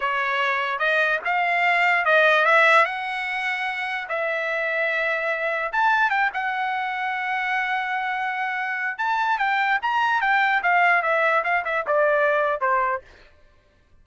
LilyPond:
\new Staff \with { instrumentName = "trumpet" } { \time 4/4 \tempo 4 = 147 cis''2 dis''4 f''4~ | f''4 dis''4 e''4 fis''4~ | fis''2 e''2~ | e''2 a''4 g''8 fis''8~ |
fis''1~ | fis''2 a''4 g''4 | ais''4 g''4 f''4 e''4 | f''8 e''8 d''2 c''4 | }